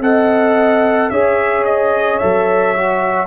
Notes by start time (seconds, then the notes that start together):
0.00 C4 A4 D#5 F#5
1.09 C#4 G#4 C#5 E5
1.64 D#5
2.18 F#3 A4 E5
2.76 F#4